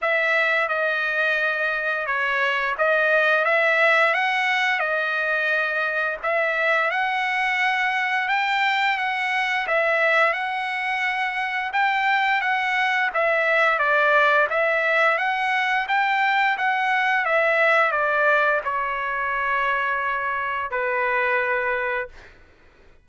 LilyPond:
\new Staff \with { instrumentName = "trumpet" } { \time 4/4 \tempo 4 = 87 e''4 dis''2 cis''4 | dis''4 e''4 fis''4 dis''4~ | dis''4 e''4 fis''2 | g''4 fis''4 e''4 fis''4~ |
fis''4 g''4 fis''4 e''4 | d''4 e''4 fis''4 g''4 | fis''4 e''4 d''4 cis''4~ | cis''2 b'2 | }